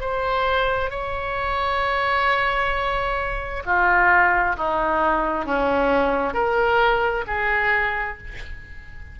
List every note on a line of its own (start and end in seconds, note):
0.00 0.90 C5
0.90 3.63 C#5
3.65 4.56 F4
4.56 5.45 D#4
5.45 6.33 C#4
6.33 7.24 A#4
7.27 8.18 G#4